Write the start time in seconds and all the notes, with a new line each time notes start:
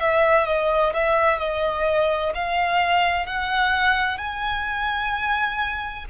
0.00 E5
0.46 D#5
0.93 E5
1.39 D#5
2.35 F5
3.26 F#5
4.18 G#5